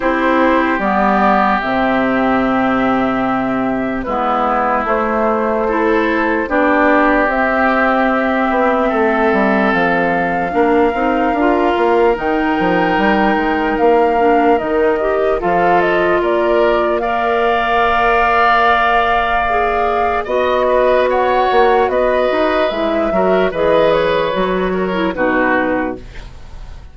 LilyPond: <<
  \new Staff \with { instrumentName = "flute" } { \time 4/4 \tempo 4 = 74 c''4 d''4 e''2~ | e''4 b'4 c''2 | d''4 e''2. | f''2. g''4~ |
g''4 f''4 dis''4 f''8 dis''8 | d''4 f''2.~ | f''4 dis''4 fis''4 dis''4 | e''4 dis''8 cis''4. b'4 | }
  \new Staff \with { instrumentName = "oboe" } { \time 4/4 g'1~ | g'4 e'2 a'4 | g'2. a'4~ | a'4 ais'2.~ |
ais'2. a'4 | ais'4 d''2.~ | d''4 dis''8 b'8 cis''4 b'4~ | b'8 ais'8 b'4. ais'8 fis'4 | }
  \new Staff \with { instrumentName = "clarinet" } { \time 4/4 e'4 b4 c'2~ | c'4 b4 a4 e'4 | d'4 c'2.~ | c'4 d'8 dis'8 f'4 dis'4~ |
dis'4. d'8 dis'8 g'8 f'4~ | f'4 ais'2. | gis'4 fis'2. | e'8 fis'8 gis'4 fis'8. e'16 dis'4 | }
  \new Staff \with { instrumentName = "bassoon" } { \time 4/4 c'4 g4 c2~ | c4 gis4 a2 | b4 c'4. b8 a8 g8 | f4 ais8 c'8 d'8 ais8 dis8 f8 |
g8 gis8 ais4 dis4 f4 | ais1~ | ais4 b4. ais8 b8 dis'8 | gis8 fis8 e4 fis4 b,4 | }
>>